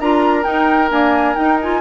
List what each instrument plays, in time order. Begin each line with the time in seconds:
0.00 bassoon D4, clarinet F4, oboe A#4, flute A#5
0.43 clarinet D#4, bassoon D#4, flute G5
0.91 clarinet A#3, bassoon D4, flute G#5
1.35 clarinet D#4, bassoon D#4, flute G5
1.61 clarinet F4, flute G#5